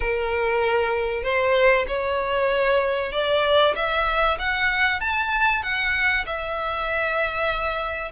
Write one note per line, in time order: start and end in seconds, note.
0.00 1.23 A#4
1.23 1.85 C5
1.87 3.12 C#5
3.12 3.74 D5
3.75 4.38 E5
4.38 5.00 F#5
5.00 5.62 A5
5.62 6.25 F#5
6.26 8.11 E5